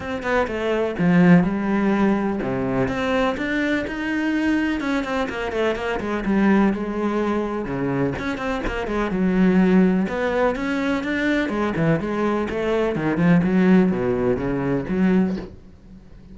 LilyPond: \new Staff \with { instrumentName = "cello" } { \time 4/4 \tempo 4 = 125 c'8 b8 a4 f4 g4~ | g4 c4 c'4 d'4 | dis'2 cis'8 c'8 ais8 a8 | ais8 gis8 g4 gis2 |
cis4 cis'8 c'8 ais8 gis8 fis4~ | fis4 b4 cis'4 d'4 | gis8 e8 gis4 a4 dis8 f8 | fis4 b,4 cis4 fis4 | }